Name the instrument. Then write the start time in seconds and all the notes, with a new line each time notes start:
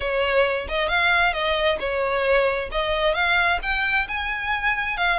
violin
0.00 C#5
0.68 D#5
0.88 F5
1.33 D#5
1.79 C#5
2.71 D#5
3.14 F5
3.62 G5
4.07 G#5
4.97 F5